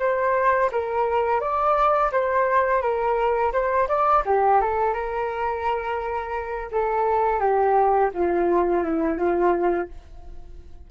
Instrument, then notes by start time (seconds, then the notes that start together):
flute
0.00 C5
0.72 A#4
1.41 D5
2.12 C5
2.82 A#4
3.53 C5
3.89 D5
4.26 G4
4.61 A4
4.94 A#4
6.72 A4
7.40 G4
8.14 F4
8.84 E4
9.18 F4